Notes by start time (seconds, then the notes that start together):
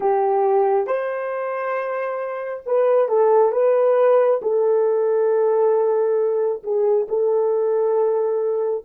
0.00 G4
0.86 C5
2.66 B4
3.08 A4
3.52 B4
4.42 A4
6.63 G#4
7.08 A4